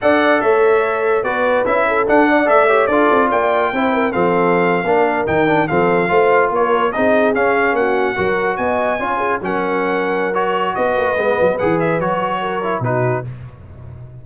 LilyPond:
<<
  \new Staff \with { instrumentName = "trumpet" } { \time 4/4 \tempo 4 = 145 fis''4 e''2 d''4 | e''4 fis''4 e''4 d''4 | g''2 f''2~ | f''8. g''4 f''2 cis''16~ |
cis''8. dis''4 f''4 fis''4~ fis''16~ | fis''8. gis''2 fis''4~ fis''16~ | fis''4 cis''4 dis''2 | fis''8 e''8 cis''2 b'4 | }
  \new Staff \with { instrumentName = "horn" } { \time 4/4 d''4 cis''2 b'4~ | b'8 a'4 d''4 cis''8 a'4 | d''4 c''8 ais'8 a'4.~ a'16 ais'16~ | ais'4.~ ais'16 a'4 c''4 ais'16~ |
ais'8. gis'2 fis'4 ais'16~ | ais'8. dis''4 cis''8 gis'8 ais'4~ ais'16~ | ais'2 b'2~ | b'2 ais'4 fis'4 | }
  \new Staff \with { instrumentName = "trombone" } { \time 4/4 a'2. fis'4 | e'4 d'4 a'8 g'8 f'4~ | f'4 e'4 c'4.~ c'16 d'16~ | d'8. dis'8 d'8 c'4 f'4~ f'16~ |
f'8. dis'4 cis'2 fis'16~ | fis'4.~ fis'16 f'4 cis'4~ cis'16~ | cis'4 fis'2 b4 | gis'4 fis'4. e'8 dis'4 | }
  \new Staff \with { instrumentName = "tuba" } { \time 4/4 d'4 a2 b4 | cis'4 d'4 a4 d'8 c'8 | ais4 c'4 f4.~ f16 ais16~ | ais8. dis4 f4 a4 ais16~ |
ais8. c'4 cis'4 ais4 fis16~ | fis8. b4 cis'4 fis4~ fis16~ | fis2 b8 ais8 gis8 fis8 | e4 fis2 b,4 | }
>>